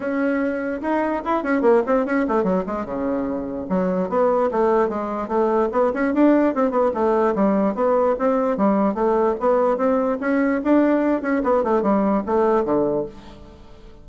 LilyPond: \new Staff \with { instrumentName = "bassoon" } { \time 4/4 \tempo 4 = 147 cis'2 dis'4 e'8 cis'8 | ais8 c'8 cis'8 a8 fis8 gis8 cis4~ | cis4 fis4 b4 a4 | gis4 a4 b8 cis'8 d'4 |
c'8 b8 a4 g4 b4 | c'4 g4 a4 b4 | c'4 cis'4 d'4. cis'8 | b8 a8 g4 a4 d4 | }